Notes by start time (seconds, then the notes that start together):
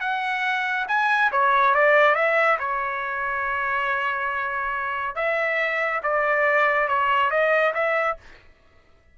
0.00 F#5
0.88 G#5
1.31 C#5
1.74 D5
2.14 E5
2.59 C#5
5.15 E5
6.03 D5
6.88 C#5
7.30 D#5
7.74 E5